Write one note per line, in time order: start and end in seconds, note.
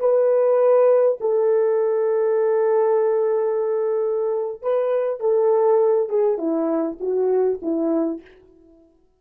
0.00 1.19 B4
1.21 4.62 A4
4.62 5.20 B4
5.20 6.09 A4
6.10 6.38 G#4
6.38 6.98 E4
7.00 7.60 F#4
7.62 8.21 E4